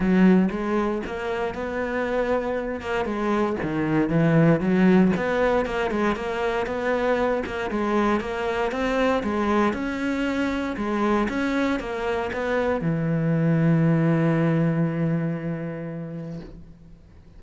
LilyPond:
\new Staff \with { instrumentName = "cello" } { \time 4/4 \tempo 4 = 117 fis4 gis4 ais4 b4~ | b4. ais8 gis4 dis4 | e4 fis4 b4 ais8 gis8 | ais4 b4. ais8 gis4 |
ais4 c'4 gis4 cis'4~ | cis'4 gis4 cis'4 ais4 | b4 e2.~ | e1 | }